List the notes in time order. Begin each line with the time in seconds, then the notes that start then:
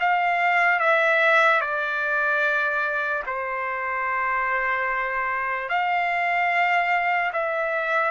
0.00 F5
0.80 E5
1.61 D5
3.26 C5
5.69 F5
7.33 E5